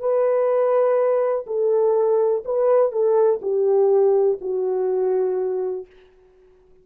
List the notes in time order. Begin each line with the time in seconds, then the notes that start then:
0.00 B4
1.47 A4
2.45 B4
2.92 A4
3.42 G4
4.41 F#4